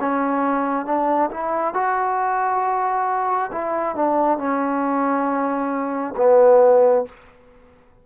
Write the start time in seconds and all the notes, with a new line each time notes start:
0.00 C#4
0.86 D4
1.31 E4
1.74 F#4
3.52 E4
3.95 D4
4.38 C#4
6.17 B3